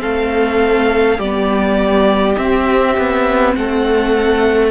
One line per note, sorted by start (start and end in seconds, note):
0.00 1.19 A3
0.00 1.18 C4
0.00 1.19 A4
0.00 1.20 F5
1.19 2.37 G3
1.19 2.37 B3
1.19 3.54 G4
1.19 2.37 D5
2.37 4.72 C4
2.37 2.98 C4
2.37 3.55 E5
2.98 3.57 B3
3.55 4.72 A3
3.55 4.72 A4
3.55 4.72 F#5